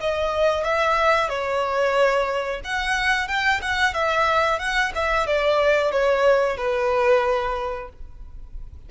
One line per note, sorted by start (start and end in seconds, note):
0.00 0.64 D#5
0.64 1.29 E5
1.29 2.61 C#5
2.64 3.28 F#5
3.28 3.61 G5
3.62 3.94 F#5
3.94 4.59 E5
4.59 4.92 F#5
4.95 5.27 E5
5.27 5.92 D5
5.92 6.57 C#5
6.57 7.89 B4